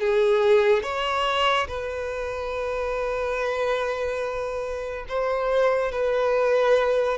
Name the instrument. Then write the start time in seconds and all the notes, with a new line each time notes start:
violin
0.00 G#4
0.83 C#5
1.67 B4
5.09 C5
5.92 B4